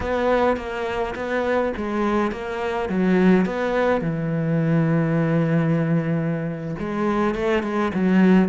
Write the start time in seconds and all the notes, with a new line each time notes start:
0.00 B3
0.56 A#3
1.15 B3
1.76 G#3
2.31 A#3
2.89 F#3
3.45 B3
4.01 E3
6.79 G#3
7.34 A3
7.62 G#3
7.94 F#3